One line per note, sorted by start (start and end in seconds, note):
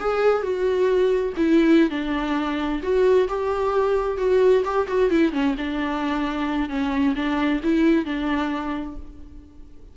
0.00 0.42 G#4
0.42 1.33 F#4
1.37 1.90 E4
1.90 2.81 D4
2.83 3.28 F#4
3.28 4.18 G4
4.18 4.63 F#4
4.65 4.87 G4
4.87 5.10 F#4
5.10 5.32 E4
5.32 5.55 C#4
5.57 6.69 D4
6.69 7.14 C#4
7.15 7.61 D4
7.63 8.05 E4
8.05 8.96 D4